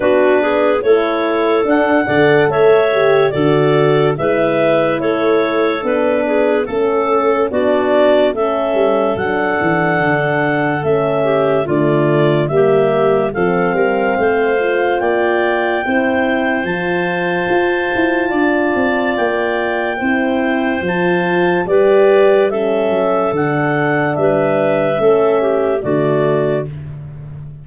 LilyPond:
<<
  \new Staff \with { instrumentName = "clarinet" } { \time 4/4 \tempo 4 = 72 b'4 cis''4 fis''4 e''4 | d''4 e''4 cis''4 b'4 | a'4 d''4 e''4 fis''4~ | fis''4 e''4 d''4 e''4 |
f''2 g''2 | a''2. g''4~ | g''4 a''4 d''4 e''4 | fis''4 e''2 d''4 | }
  \new Staff \with { instrumentName = "clarinet" } { \time 4/4 fis'8 gis'8 a'4. d''8 cis''4 | a'4 b'4 a'4. gis'8 | a'4 fis'4 a'2~ | a'4. g'8 f'4 g'4 |
a'8 ais'8 c''4 d''4 c''4~ | c''2 d''2 | c''2 b'4 a'4~ | a'4 b'4 a'8 g'8 fis'4 | }
  \new Staff \with { instrumentName = "horn" } { \time 4/4 d'4 e'4 d'8 a'4 g'8 | fis'4 e'2 d'4 | cis'4 d'4 cis'4 d'4~ | d'4 cis'4 a4 ais4 |
c'4. f'4. e'4 | f'1 | e'4 f'4 g'4 cis'4 | d'2 cis'4 a4 | }
  \new Staff \with { instrumentName = "tuba" } { \time 4/4 b4 a4 d'8 d8 a4 | d4 gis4 a4 b4 | a4 b4 a8 g8 fis8 e8 | d4 a4 d4 g4 |
f8 g8 a4 ais4 c'4 | f4 f'8 e'8 d'8 c'8 ais4 | c'4 f4 g4. fis8 | d4 g4 a4 d4 | }
>>